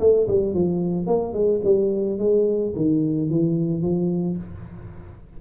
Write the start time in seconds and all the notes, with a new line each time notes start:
0.00 A3
0.28 G3
0.54 F3
1.06 A#3
1.33 G#3
1.64 G3
2.19 G#3
2.76 D#3
3.30 E3
3.82 F3